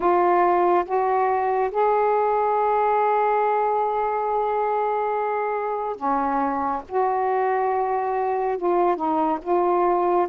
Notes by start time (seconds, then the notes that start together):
0.00 F4
0.85 F#4
1.71 G#4
5.96 C#4
6.88 F#4
8.57 F4
8.96 D#4
9.42 F4